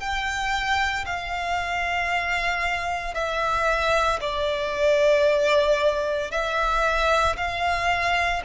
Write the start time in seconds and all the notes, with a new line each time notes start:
0.00 G5
1.06 F5
3.15 E5
4.21 D5
6.32 E5
7.37 F5